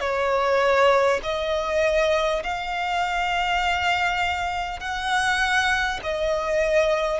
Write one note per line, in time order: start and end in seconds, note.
0.00 1.20 C#5
1.23 2.43 D#5
2.43 4.79 F5
4.79 5.99 F#5
6.03 7.20 D#5